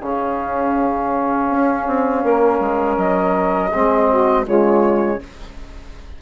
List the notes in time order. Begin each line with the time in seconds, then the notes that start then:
0.00 C#3 C#4 G#4 F5
1.49 C#4
1.86 C4
2.22 A#3 A#4
2.59 G#3
2.97 F#3 D#5
3.73 G#3 C4 G#4
4.09 F#4
4.44 C#3 G#3 F4 C#5